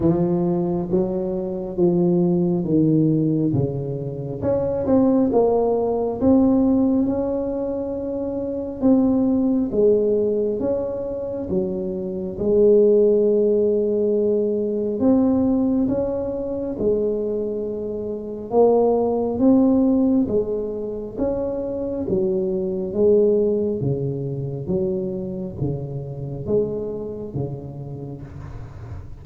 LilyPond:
\new Staff \with { instrumentName = "tuba" } { \time 4/4 \tempo 4 = 68 f4 fis4 f4 dis4 | cis4 cis'8 c'8 ais4 c'4 | cis'2 c'4 gis4 | cis'4 fis4 gis2~ |
gis4 c'4 cis'4 gis4~ | gis4 ais4 c'4 gis4 | cis'4 fis4 gis4 cis4 | fis4 cis4 gis4 cis4 | }